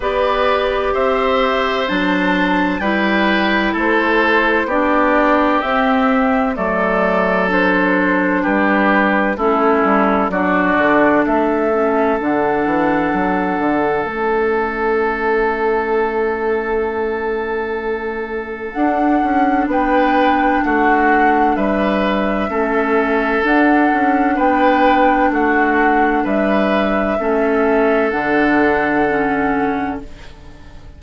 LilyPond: <<
  \new Staff \with { instrumentName = "flute" } { \time 4/4 \tempo 4 = 64 d''4 e''4 a''4 g''4 | c''4 d''4 e''4 d''4 | c''4 b'4 a'4 d''4 | e''4 fis''2 e''4~ |
e''1 | fis''4 g''4 fis''4 e''4~ | e''4 fis''4 g''4 fis''4 | e''2 fis''2 | }
  \new Staff \with { instrumentName = "oboe" } { \time 4/4 b'4 c''2 b'4 | a'4 g'2 a'4~ | a'4 g'4 e'4 fis'4 | a'1~ |
a'1~ | a'4 b'4 fis'4 b'4 | a'2 b'4 fis'4 | b'4 a'2. | }
  \new Staff \with { instrumentName = "clarinet" } { \time 4/4 g'2 d'4 e'4~ | e'4 d'4 c'4 a4 | d'2 cis'4 d'4~ | d'8 cis'8 d'2 cis'4~ |
cis'1 | d'1 | cis'4 d'2.~ | d'4 cis'4 d'4 cis'4 | }
  \new Staff \with { instrumentName = "bassoon" } { \time 4/4 b4 c'4 fis4 g4 | a4 b4 c'4 fis4~ | fis4 g4 a8 g8 fis8 d8 | a4 d8 e8 fis8 d8 a4~ |
a1 | d'8 cis'8 b4 a4 g4 | a4 d'8 cis'8 b4 a4 | g4 a4 d2 | }
>>